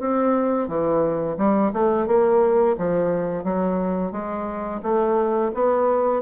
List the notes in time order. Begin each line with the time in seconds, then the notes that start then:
0.00 C4
0.68 E3
1.38 G3
1.73 A3
2.07 A#3
2.78 F3
3.44 F#3
4.12 G#3
4.83 A3
5.54 B3